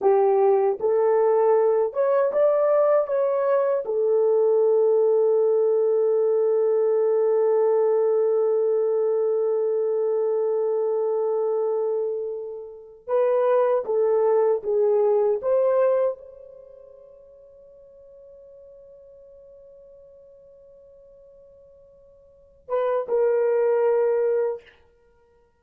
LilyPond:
\new Staff \with { instrumentName = "horn" } { \time 4/4 \tempo 4 = 78 g'4 a'4. cis''8 d''4 | cis''4 a'2.~ | a'1~ | a'1~ |
a'4 b'4 a'4 gis'4 | c''4 cis''2.~ | cis''1~ | cis''4. b'8 ais'2 | }